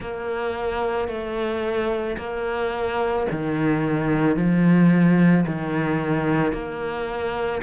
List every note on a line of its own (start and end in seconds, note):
0.00 1.08 A#3
1.08 2.17 A3
2.17 3.26 A#3
3.31 4.36 D#3
4.36 5.45 F3
5.46 6.52 D#3
6.52 7.61 A#3